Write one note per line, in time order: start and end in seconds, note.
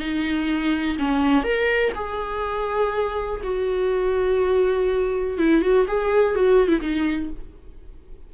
0.00 0.98 D#4
0.99 1.44 C#4
1.44 1.93 A#4
1.95 3.41 G#4
3.44 5.38 F#4
5.38 5.62 E4
5.62 5.86 F#4
5.88 6.36 G#4
6.36 6.68 F#4
6.68 6.80 E4
6.82 7.31 D#4